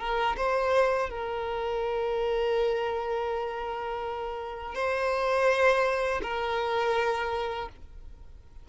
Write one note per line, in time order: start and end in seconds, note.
0.00 0.37 A#4
0.37 1.10 C5
1.10 4.75 A#4
4.75 6.22 C5
6.23 7.69 A#4